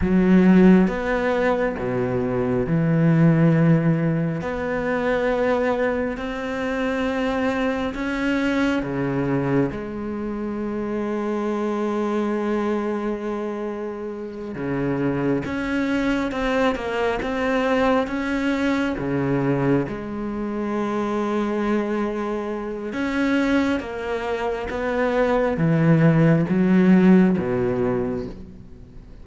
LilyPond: \new Staff \with { instrumentName = "cello" } { \time 4/4 \tempo 4 = 68 fis4 b4 b,4 e4~ | e4 b2 c'4~ | c'4 cis'4 cis4 gis4~ | gis1~ |
gis8 cis4 cis'4 c'8 ais8 c'8~ | c'8 cis'4 cis4 gis4.~ | gis2 cis'4 ais4 | b4 e4 fis4 b,4 | }